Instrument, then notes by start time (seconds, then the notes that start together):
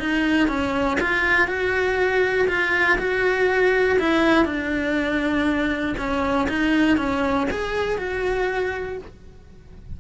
cello
0.00 D#4
0.48 C#4
1.01 F4
1.48 F#4
2.48 F4
2.99 F#4
4.00 E4
4.45 D4
5.98 C#4
6.49 D#4
6.97 C#4
7.51 G#4
7.98 F#4